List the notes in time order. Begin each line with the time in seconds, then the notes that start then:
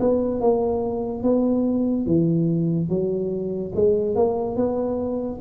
0.00 B3
0.41 A#3
1.23 B3
2.06 E3
2.89 F#3
3.75 G#3
4.16 A#3
4.56 B3